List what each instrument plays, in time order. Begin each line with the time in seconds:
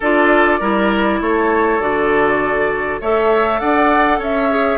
0.00 bassoon D4, clarinet F4, oboe A4, flute D5
0.59 bassoon G3, clarinet E4, oboe A#4
1.21 bassoon A3, oboe A4, flute C#5
1.79 bassoon D3, clarinet F#4, flute D5
3.00 bassoon A3, clarinet A4, oboe C#5, flute E5
3.59 bassoon D4, oboe D5, flute F#5
4.18 bassoon C#4, oboe C#5, flute E5
4.50 clarinet G#4